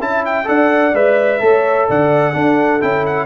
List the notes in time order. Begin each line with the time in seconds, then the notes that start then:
0.00 C#4 E4 E5 A5
0.25 G5
0.44 D4 A4 D5 F#5
0.93 G#3 B4 E5
1.40 A3 A4 C#5
1.88 D3 D5 F#5
2.33 D4 A4
2.81 C#4 E4 G5
3.06 F#5